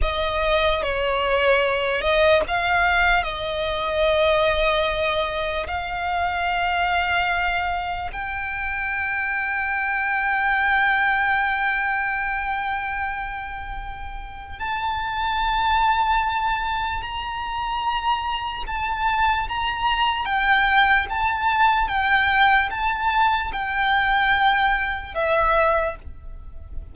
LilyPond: \new Staff \with { instrumentName = "violin" } { \time 4/4 \tempo 4 = 74 dis''4 cis''4. dis''8 f''4 | dis''2. f''4~ | f''2 g''2~ | g''1~ |
g''2 a''2~ | a''4 ais''2 a''4 | ais''4 g''4 a''4 g''4 | a''4 g''2 e''4 | }